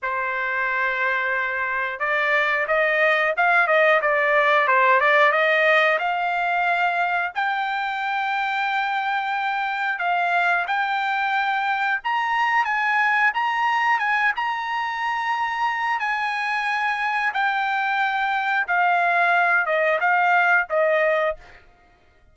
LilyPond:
\new Staff \with { instrumentName = "trumpet" } { \time 4/4 \tempo 4 = 90 c''2. d''4 | dis''4 f''8 dis''8 d''4 c''8 d''8 | dis''4 f''2 g''4~ | g''2. f''4 |
g''2 ais''4 gis''4 | ais''4 gis''8 ais''2~ ais''8 | gis''2 g''2 | f''4. dis''8 f''4 dis''4 | }